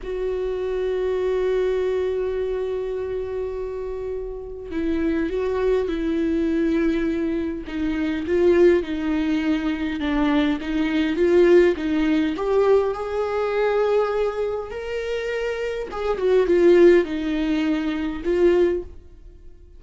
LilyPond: \new Staff \with { instrumentName = "viola" } { \time 4/4 \tempo 4 = 102 fis'1~ | fis'1 | e'4 fis'4 e'2~ | e'4 dis'4 f'4 dis'4~ |
dis'4 d'4 dis'4 f'4 | dis'4 g'4 gis'2~ | gis'4 ais'2 gis'8 fis'8 | f'4 dis'2 f'4 | }